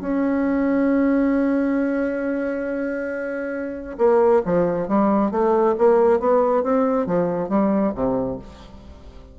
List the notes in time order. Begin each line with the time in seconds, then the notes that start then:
0.00 C#4
3.98 A#3
4.45 F3
4.88 G3
5.31 A3
5.78 A#3
6.19 B3
6.63 C4
7.06 F3
7.48 G3
7.95 C3